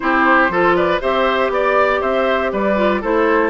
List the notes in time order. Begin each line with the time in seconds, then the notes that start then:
0.00 C4 E4 G4 C5
0.49 F3 F4 A4
0.76 B4 D5
1.00 C4 G4 C5 E5
1.49 B3 D5
2.01 C4 C5 E5
2.52 G3 B4 D5
2.76 F4
3.01 A3 E4 A4 C5